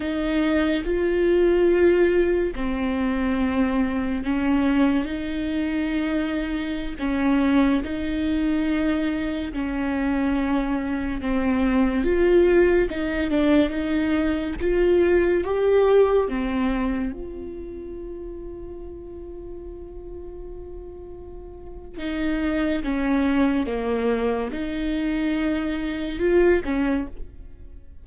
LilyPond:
\new Staff \with { instrumentName = "viola" } { \time 4/4 \tempo 4 = 71 dis'4 f'2 c'4~ | c'4 cis'4 dis'2~ | dis'16 cis'4 dis'2 cis'8.~ | cis'4~ cis'16 c'4 f'4 dis'8 d'16~ |
d'16 dis'4 f'4 g'4 c'8.~ | c'16 f'2.~ f'8.~ | f'2 dis'4 cis'4 | ais4 dis'2 f'8 cis'8 | }